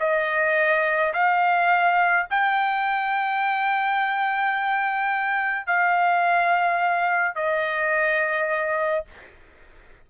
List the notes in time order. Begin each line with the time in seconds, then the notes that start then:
0.00 D#5
1.14 F5
2.30 G5
5.67 F5
7.35 D#5